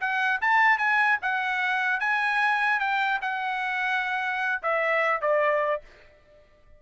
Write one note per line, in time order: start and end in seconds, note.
0.00 0.40 F#5
0.41 0.77 A5
0.77 1.17 G#5
1.22 1.99 F#5
1.99 2.79 G#5
2.79 3.19 G5
3.21 4.61 F#5
4.62 5.21 E5
5.21 5.81 D5